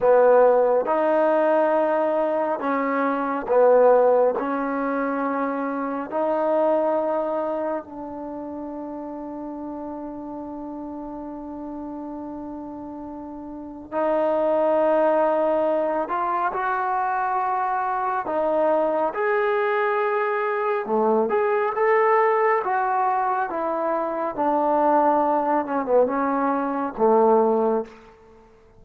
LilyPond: \new Staff \with { instrumentName = "trombone" } { \time 4/4 \tempo 4 = 69 b4 dis'2 cis'4 | b4 cis'2 dis'4~ | dis'4 d'2.~ | d'1 |
dis'2~ dis'8 f'8 fis'4~ | fis'4 dis'4 gis'2 | a8 gis'8 a'4 fis'4 e'4 | d'4. cis'16 b16 cis'4 a4 | }